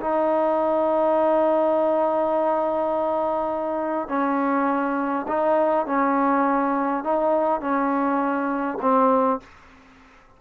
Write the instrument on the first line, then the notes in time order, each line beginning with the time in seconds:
trombone
0.00 D#4
4.09 C#4
5.28 D#4
5.86 C#4
7.04 D#4
7.61 C#4
8.82 C4